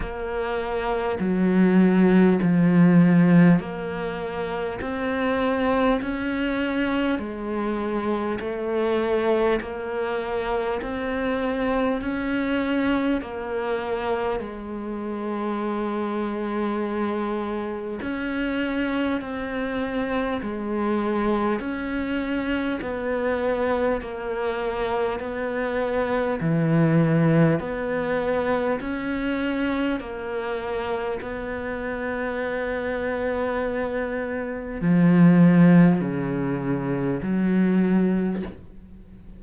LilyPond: \new Staff \with { instrumentName = "cello" } { \time 4/4 \tempo 4 = 50 ais4 fis4 f4 ais4 | c'4 cis'4 gis4 a4 | ais4 c'4 cis'4 ais4 | gis2. cis'4 |
c'4 gis4 cis'4 b4 | ais4 b4 e4 b4 | cis'4 ais4 b2~ | b4 f4 cis4 fis4 | }